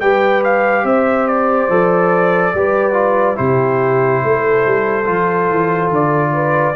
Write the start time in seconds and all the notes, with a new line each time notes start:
0.00 G3 G4 B4 G5
0.44 F5
0.84 C4 C5 E5
1.27 D5
1.69 F3 A4
2.54 G3 G4 B4
2.93 F4
3.35 C3 E4 G4 C5
4.23 A3 A4
4.66 G3
5.05 F3 F4
5.50 E3
5.90 D3 D5
6.33 B4